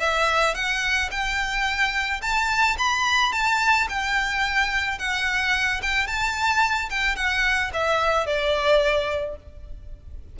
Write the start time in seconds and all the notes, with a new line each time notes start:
0.00 E5
0.55 F#5
1.11 G5
2.22 A5
2.78 B5
3.33 A5
3.89 G5
4.99 F#5
5.82 G5
6.07 A5
6.90 G5
7.16 F#5
7.74 E5
8.26 D5